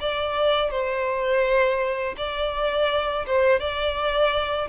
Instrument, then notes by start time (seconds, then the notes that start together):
violin
0.00 D5
0.70 C5
2.17 D5
3.26 C5
3.59 D5